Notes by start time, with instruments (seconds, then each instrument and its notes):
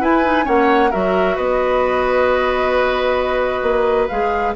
0.00 bassoon E4, clarinet E4, oboe B4, flute G#5
0.24 clarinet D#4
0.44 bassoon A#3, clarinet C#4, oboe C#5, flute F#5
0.90 bassoon F#3, clarinet F#4, oboe A#4, flute E5
1.35 bassoon B3, oboe B4, flute D#5
3.62 bassoon A#3
4.08 bassoon G#3, clarinet G#4, flute F5